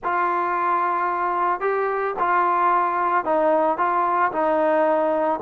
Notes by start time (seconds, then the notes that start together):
0.03 F4
1.60 G4
2.19 F4
3.24 D#4
3.77 F4
4.31 D#4